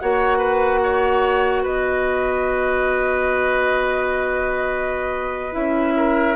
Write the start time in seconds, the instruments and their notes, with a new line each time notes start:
0.00 bassoon A#3, clarinet F#4, oboe C#5, flute F#5
0.38 oboe B4
0.83 oboe C#5
1.63 bassoon B3, oboe B4, flute D#5
5.53 bassoon C#4, clarinet E4, flute E5
5.97 oboe A#4